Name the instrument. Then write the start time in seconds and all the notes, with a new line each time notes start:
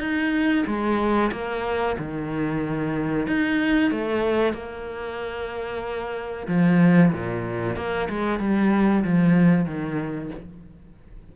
cello
0.00 D#4
0.67 G#3
1.32 A#3
1.98 D#3
3.27 D#4
3.91 A3
4.54 A#3
6.48 F3
7.13 A#2
7.76 A#3
8.10 G#3
8.40 G3
9.04 F3
9.66 D#3